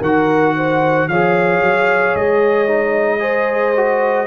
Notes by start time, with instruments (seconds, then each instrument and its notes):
0.00 tuba D#3, trombone F#4, horn A#4, trumpet F#5
0.56 horn C5
1.09 tuba F3, trombone G#4, horn C#5, trumpet F5
1.62 tuba F#3
2.15 tuba G#3, trumpet D#5
2.68 trombone D#4
3.20 trombone G#4, horn C5
3.77 trombone F#4